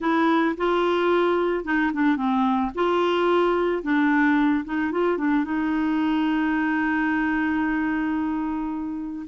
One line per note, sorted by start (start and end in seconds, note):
0.00 0.55 E4
0.57 1.64 F4
1.64 1.91 D#4
1.93 2.16 D4
2.16 2.71 C4
2.74 3.82 F4
3.82 4.64 D4
4.64 4.91 D#4
4.91 5.17 F4
5.17 5.44 D4
5.44 9.26 D#4